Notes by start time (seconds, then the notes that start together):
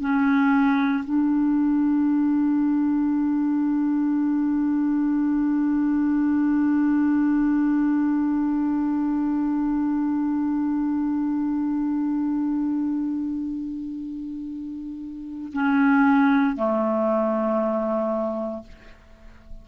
0.00 C#4
1.04 D4
15.53 C#4
16.56 A3